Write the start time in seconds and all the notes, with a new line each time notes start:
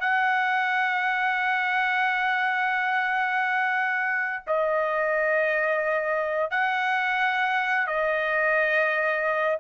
0.00 F#5
4.47 D#5
6.51 F#5
7.87 D#5